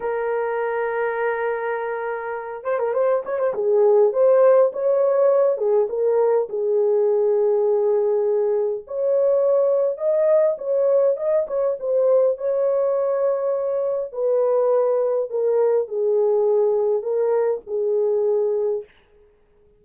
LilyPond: \new Staff \with { instrumentName = "horn" } { \time 4/4 \tempo 4 = 102 ais'1~ | ais'8 c''16 ais'16 c''8 cis''16 c''16 gis'4 c''4 | cis''4. gis'8 ais'4 gis'4~ | gis'2. cis''4~ |
cis''4 dis''4 cis''4 dis''8 cis''8 | c''4 cis''2. | b'2 ais'4 gis'4~ | gis'4 ais'4 gis'2 | }